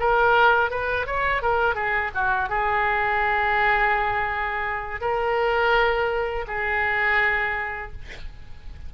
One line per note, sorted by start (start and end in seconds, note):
0.00 0.71 A#4
0.71 1.06 B4
1.06 1.42 C#5
1.42 1.75 A#4
1.75 2.11 G#4
2.15 2.49 F#4
2.49 5.01 G#4
5.01 6.46 A#4
6.47 7.92 G#4